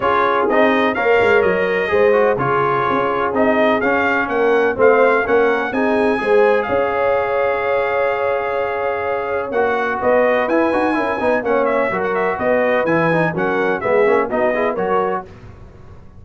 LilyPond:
<<
  \new Staff \with { instrumentName = "trumpet" } { \time 4/4 \tempo 4 = 126 cis''4 dis''4 f''4 dis''4~ | dis''4 cis''2 dis''4 | f''4 fis''4 f''4 fis''4 | gis''2 f''2~ |
f''1 | fis''4 dis''4 gis''2 | fis''8 e''8. fis''16 e''8 dis''4 gis''4 | fis''4 e''4 dis''4 cis''4 | }
  \new Staff \with { instrumentName = "horn" } { \time 4/4 gis'2 cis''2 | c''4 gis'2.~ | gis'4 ais'4 c''4 ais'4 | gis'4 c''4 cis''2~ |
cis''1~ | cis''4 b'2 ais'8 b'8 | cis''4 ais'4 b'2 | ais'4 gis'4 fis'8 gis'8 ais'4 | }
  \new Staff \with { instrumentName = "trombone" } { \time 4/4 f'4 dis'4 ais'2 | gis'8 fis'8 f'2 dis'4 | cis'2 c'4 cis'4 | dis'4 gis'2.~ |
gis'1 | fis'2 e'8 fis'8 e'8 dis'8 | cis'4 fis'2 e'8 dis'8 | cis'4 b8 cis'8 dis'8 e'8 fis'4 | }
  \new Staff \with { instrumentName = "tuba" } { \time 4/4 cis'4 c'4 ais8 gis8 fis4 | gis4 cis4 cis'4 c'4 | cis'4 ais4 a4 ais4 | c'4 gis4 cis'2~ |
cis'1 | ais4 b4 e'8 dis'8 cis'8 b8 | ais4 fis4 b4 e4 | fis4 gis8 ais8 b4 fis4 | }
>>